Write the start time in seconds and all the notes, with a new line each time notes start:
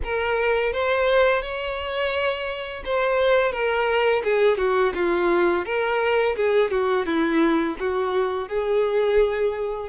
0.03 A#4
0.73 C5
1.42 C#5
2.85 C5
3.51 A#4
4.24 G#4
4.57 F#4
4.94 F4
5.65 A#4
6.35 G#4
6.71 F#4
7.06 E4
7.79 F#4
8.48 G#4